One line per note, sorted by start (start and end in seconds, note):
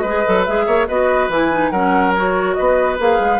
0.00 0.25 G#3
0.00 0.65 B4
0.00 0.42 D#5
0.07 0.25 G#4
0.25 0.48 F#3
0.25 0.47 A4
0.45 0.67 G#3
0.45 0.88 G#4
0.45 0.87 E5
0.66 0.88 A#3
0.66 0.87 C#5
0.87 1.29 B3
0.87 1.30 F#4
0.87 1.71 B4
0.87 1.30 D#5
1.29 1.71 E3
1.29 1.51 E4
1.29 1.71 G#5
1.51 1.72 D#4
1.71 2.56 F#3
1.71 2.15 C#4
1.71 2.56 A#4
1.71 2.13 F#5
2.14 2.98 F#4
2.14 2.54 C#5
2.54 2.99 B3
2.54 3.40 B4
2.54 2.96 D#5
2.98 3.20 A#3
2.98 3.40 G#4
2.98 3.40 F5
3.20 3.40 G#3